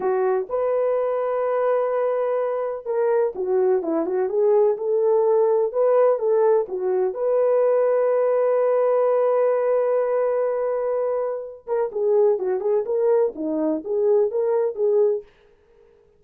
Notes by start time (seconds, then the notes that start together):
0.00 F#4
0.49 B4
2.85 A#4
3.35 F#4
3.82 E4
4.05 F#4
4.29 G#4
4.77 A4
5.72 B4
6.18 A4
6.68 F#4
7.14 B4
11.66 A#4
11.92 G#4
12.38 F#4
12.60 G#4
12.85 A#4
13.35 D#4
13.84 G#4
14.31 A#4
14.75 G#4